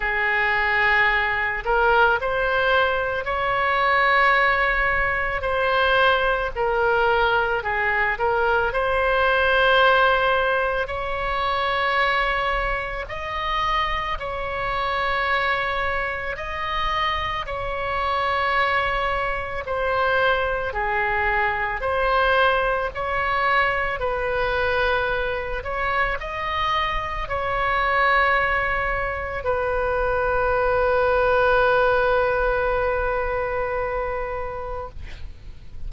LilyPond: \new Staff \with { instrumentName = "oboe" } { \time 4/4 \tempo 4 = 55 gis'4. ais'8 c''4 cis''4~ | cis''4 c''4 ais'4 gis'8 ais'8 | c''2 cis''2 | dis''4 cis''2 dis''4 |
cis''2 c''4 gis'4 | c''4 cis''4 b'4. cis''8 | dis''4 cis''2 b'4~ | b'1 | }